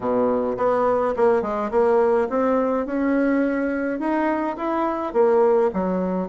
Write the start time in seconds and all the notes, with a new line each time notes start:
0.00 B2
0.57 B3
1.16 A#3
1.41 G#3
1.71 A#3
2.29 C4
2.86 C#4
3.99 D#4
4.57 E4
5.13 A#3
5.73 F#3